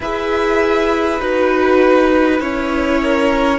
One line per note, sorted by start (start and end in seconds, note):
0.00 1.19 E4
0.00 1.20 G#4
0.00 3.01 B4
0.00 1.21 E5
1.20 2.40 D#4
1.20 2.40 F#4
1.20 2.40 B4
2.40 3.58 C#4
2.40 3.58 E4
2.40 3.58 C#5
3.01 3.58 A#4